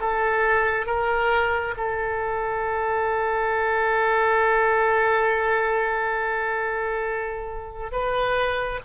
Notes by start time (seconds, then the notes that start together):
0.00 A4
0.86 A#4
1.77 A4
7.92 B4